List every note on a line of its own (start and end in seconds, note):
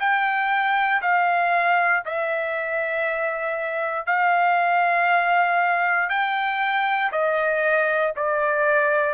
0.00 1.02 G5
1.02 2.04 F5
2.06 4.07 E5
4.07 6.10 F5
6.10 7.11 G5
7.12 8.14 D#5
8.16 9.14 D5